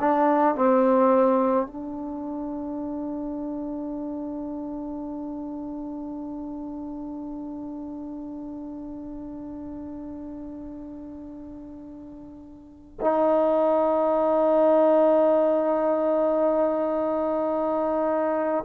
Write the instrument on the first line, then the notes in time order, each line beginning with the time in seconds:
trombone
0.00 D4
0.55 C4
1.67 D4
13.01 D#4